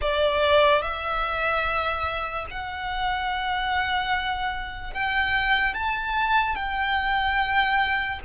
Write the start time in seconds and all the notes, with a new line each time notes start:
0.01 D5
0.81 E5
2.50 F#5
4.93 G5
5.73 A5
6.55 G5